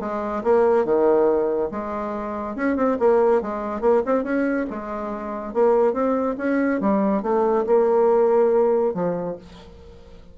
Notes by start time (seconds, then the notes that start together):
0.00 G#3
0.44 A#3
0.85 D#3
1.71 G#3
2.55 C#4
2.76 C4
2.99 A#3
3.41 G#3
3.81 A#3
4.05 C4
4.23 C#4
4.70 G#3
5.54 A#3
5.93 C4
6.38 C#4
6.80 G3
7.22 A3
7.66 A#3
8.94 F3